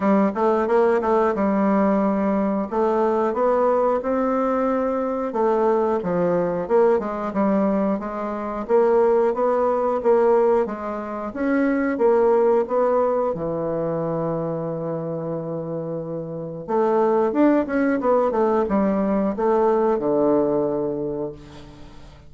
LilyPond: \new Staff \with { instrumentName = "bassoon" } { \time 4/4 \tempo 4 = 90 g8 a8 ais8 a8 g2 | a4 b4 c'2 | a4 f4 ais8 gis8 g4 | gis4 ais4 b4 ais4 |
gis4 cis'4 ais4 b4 | e1~ | e4 a4 d'8 cis'8 b8 a8 | g4 a4 d2 | }